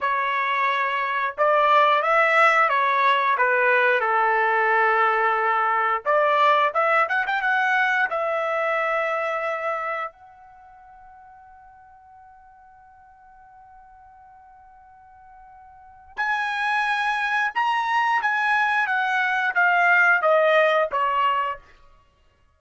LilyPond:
\new Staff \with { instrumentName = "trumpet" } { \time 4/4 \tempo 4 = 89 cis''2 d''4 e''4 | cis''4 b'4 a'2~ | a'4 d''4 e''8 fis''16 g''16 fis''4 | e''2. fis''4~ |
fis''1~ | fis''1 | gis''2 ais''4 gis''4 | fis''4 f''4 dis''4 cis''4 | }